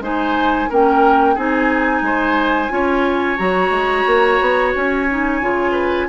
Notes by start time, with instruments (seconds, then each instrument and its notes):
0.00 bassoon G#3, clarinet D#4, oboe C5, flute G#5
0.70 bassoon A#3, clarinet C#4, oboe A#4, flute G5
1.35 bassoon C4, clarinet D#4, oboe G#4, flute G#5
2.02 bassoon G#3, oboe C5
2.70 bassoon C#4, clarinet F4, oboe C#5
3.37 bassoon F#3, clarinet F#4, flute A#5
3.70 bassoon G#3
4.06 bassoon A#3
4.41 bassoon B3
4.75 bassoon C#4, flute G#5
5.10 clarinet D#4
5.41 bassoon C#3, clarinet F4
5.72 oboe B4